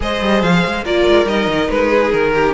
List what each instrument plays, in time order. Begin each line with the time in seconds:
0.00 cello G#3, viola G#4, violin C5 D#5
0.21 cello G3
0.41 cello F3, violin F5
0.66 cello G#3
0.83 cello A#3, viola F4, violin A#4 D5
1.07 cello G#3
1.25 cello G3, viola D#4, violin D#5
1.47 cello D#3
1.70 cello G#3, violin B4
1.89 violin G#4
2.12 cello D#3, violin A#4
2.34 violin G4
2.46 viola C#4